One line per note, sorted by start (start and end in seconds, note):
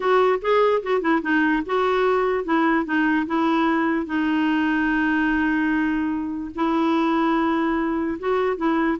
0.00 0.39 F#4
0.41 0.82 G#4
0.82 1.01 F#4
1.01 1.21 E4
1.22 1.62 D#4
1.66 2.44 F#4
2.44 2.85 E4
2.85 3.25 D#4
3.26 4.06 E4
4.06 6.51 D#4
6.55 8.18 E4
8.19 8.56 F#4
8.56 8.97 E4